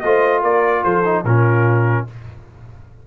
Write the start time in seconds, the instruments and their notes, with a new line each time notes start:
0.00 tuba A3, trombone F4, horn C5, trumpet D#5
0.42 tuba A#3, horn A#4, trumpet D5
0.84 tuba F3, horn A4, trumpet C5
1.04 trombone D#4
1.24 tuba A#2, trombone C#4, horn F4, trumpet A#4